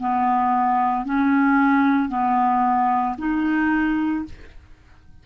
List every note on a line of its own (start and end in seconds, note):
0.00 1.05 B3
1.05 2.09 C#4
2.09 3.16 B3
3.18 4.25 D#4